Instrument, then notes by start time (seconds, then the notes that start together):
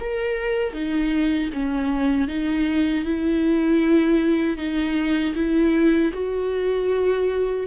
viola
0.00 A#4
0.73 D#4
1.53 C#4
2.28 D#4
3.05 E4
4.58 D#4
5.35 E4
6.13 F#4